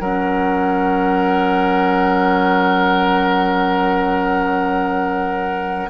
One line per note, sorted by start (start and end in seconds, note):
0.00 5.89 F#3
0.00 5.90 C#4
0.00 5.90 A#4
0.00 5.90 F#5